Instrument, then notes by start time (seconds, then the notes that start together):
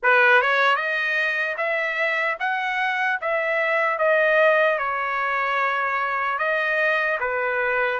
trumpet
0.02 B4
0.41 C#5
0.76 D#5
1.57 E5
2.39 F#5
3.21 E5
3.98 D#5
4.78 C#5
6.38 D#5
7.20 B4